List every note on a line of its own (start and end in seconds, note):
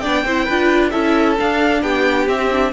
0.00 0.25 B3
0.00 0.26 D4
0.00 0.24 D5
0.00 0.90 G5
0.25 0.48 C4
0.25 0.50 E4
0.25 0.45 C5
0.45 0.94 D4
0.45 0.93 F4
0.45 0.90 B4
0.91 1.39 C#4
0.91 1.38 E4
0.91 1.82 A4
0.91 1.36 E5
1.38 2.28 D4
1.38 1.83 D4
1.38 1.83 F5
1.83 2.28 B3
1.83 2.73 G4
1.83 2.28 G5
2.28 2.73 C4
2.28 2.51 C4
2.28 2.73 E5
2.51 2.73 D4